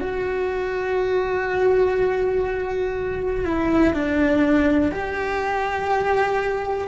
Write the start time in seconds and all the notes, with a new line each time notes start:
0.00 F#4
3.44 E4
3.93 D4
4.91 G4